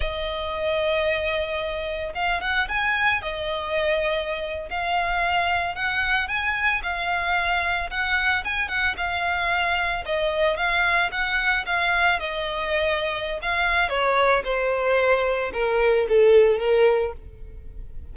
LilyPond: \new Staff \with { instrumentName = "violin" } { \time 4/4 \tempo 4 = 112 dis''1 | f''8 fis''8 gis''4 dis''2~ | dis''8. f''2 fis''4 gis''16~ | gis''8. f''2 fis''4 gis''16~ |
gis''16 fis''8 f''2 dis''4 f''16~ | f''8. fis''4 f''4 dis''4~ dis''16~ | dis''4 f''4 cis''4 c''4~ | c''4 ais'4 a'4 ais'4 | }